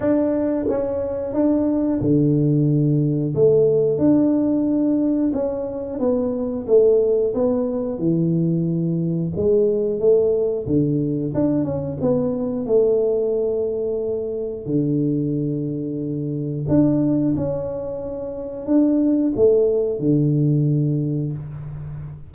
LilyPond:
\new Staff \with { instrumentName = "tuba" } { \time 4/4 \tempo 4 = 90 d'4 cis'4 d'4 d4~ | d4 a4 d'2 | cis'4 b4 a4 b4 | e2 gis4 a4 |
d4 d'8 cis'8 b4 a4~ | a2 d2~ | d4 d'4 cis'2 | d'4 a4 d2 | }